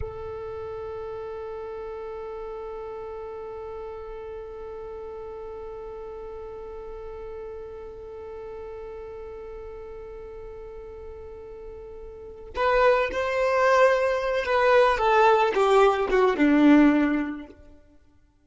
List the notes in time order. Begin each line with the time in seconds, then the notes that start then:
0.00 A4
12.55 B4
13.11 C5
14.45 B4
14.98 A4
15.54 G4
16.10 F#4
16.36 D4